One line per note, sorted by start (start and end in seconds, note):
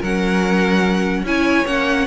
0.00 1.23 F#3
0.00 1.26 C#4
0.00 1.22 A#4
0.00 1.26 F#5
1.23 1.64 C#4
1.23 1.66 E4
1.23 2.07 C#5
1.23 1.66 G#5
1.66 2.07 A#3
1.66 2.06 C#4
1.66 2.07 F#5